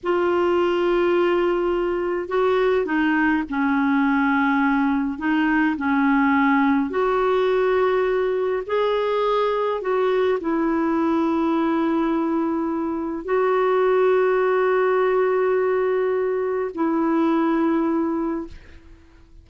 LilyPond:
\new Staff \with { instrumentName = "clarinet" } { \time 4/4 \tempo 4 = 104 f'1 | fis'4 dis'4 cis'2~ | cis'4 dis'4 cis'2 | fis'2. gis'4~ |
gis'4 fis'4 e'2~ | e'2. fis'4~ | fis'1~ | fis'4 e'2. | }